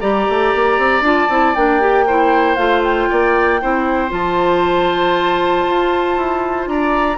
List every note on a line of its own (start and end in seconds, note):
0.00 0.28 G3
0.00 1.03 G4
0.00 2.06 D5
0.00 1.03 A#5
0.29 0.55 A3
0.55 0.78 A#3
0.78 1.01 C4
1.01 1.27 D4
1.01 1.30 F4
1.01 1.55 A5
1.30 1.55 C4
1.30 1.55 E4
1.55 2.57 A#3
1.55 1.81 D4
1.55 2.56 G5
1.81 2.07 G4
2.07 2.58 E4
2.07 3.10 C5
2.56 3.09 A3
2.56 3.60 F4
2.56 2.82 F5
2.84 4.12 G5
3.10 3.63 A#3
3.10 3.61 D5
3.62 4.12 C4
3.62 4.09 E4
3.62 6.70 C5
4.09 5.66 F3
4.09 7.17 F4
4.09 6.69 A5
5.66 6.17 F4
6.17 6.67 E4
6.67 7.18 D4
6.67 7.18 D5
6.67 7.18 A#5